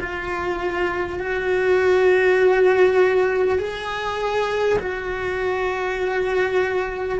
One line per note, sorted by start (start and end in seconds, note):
0.00 1.19 F4
1.19 3.59 F#4
3.59 4.79 G#4
4.79 7.19 F#4